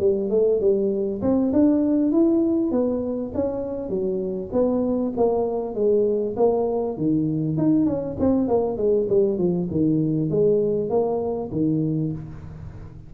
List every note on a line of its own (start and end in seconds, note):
0.00 0.30 G3
0.30 0.61 A3
0.61 1.21 G3
1.22 1.52 C4
1.53 2.12 D4
2.12 2.72 E4
2.72 3.32 B3
3.35 3.90 C#4
3.90 4.50 F#3
4.53 5.13 B3
5.17 5.75 A#3
5.75 6.36 G#3
6.37 6.98 A#3
6.98 7.58 D#3
7.58 7.86 D#4
7.86 8.17 C#4
8.20 8.48 C4
8.48 8.77 A#3
8.77 9.08 G#3
9.09 9.39 G3
9.39 9.69 F3
9.71 10.30 D#3
10.30 10.90 G#3
10.90 11.50 A#3
11.52 12.12 D#3